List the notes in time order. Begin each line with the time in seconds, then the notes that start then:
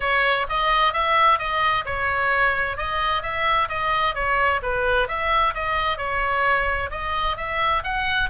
0.00 C#5
0.49 D#5
0.93 E5
1.38 D#5
1.85 C#5
2.77 D#5
3.22 E5
3.68 D#5
4.14 C#5
4.62 B4
5.07 E5
5.54 D#5
5.97 C#5
6.91 D#5
7.36 E5
7.83 F#5